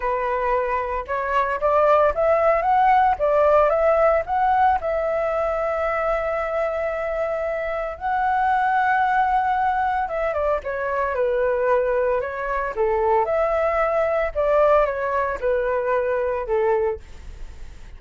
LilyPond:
\new Staff \with { instrumentName = "flute" } { \time 4/4 \tempo 4 = 113 b'2 cis''4 d''4 | e''4 fis''4 d''4 e''4 | fis''4 e''2.~ | e''2. fis''4~ |
fis''2. e''8 d''8 | cis''4 b'2 cis''4 | a'4 e''2 d''4 | cis''4 b'2 a'4 | }